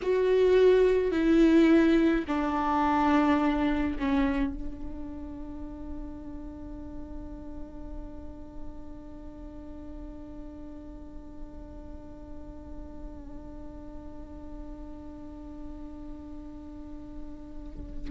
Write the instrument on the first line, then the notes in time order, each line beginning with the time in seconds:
viola
0.02 F#4
1.11 E4
2.27 D4
3.99 C#4
4.53 D4